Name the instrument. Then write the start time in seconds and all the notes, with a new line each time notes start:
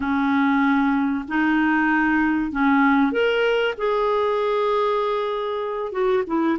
clarinet
0.00 C#4
1.28 D#4
2.51 C#4
3.11 A#4
3.77 G#4
5.91 F#4
6.26 E4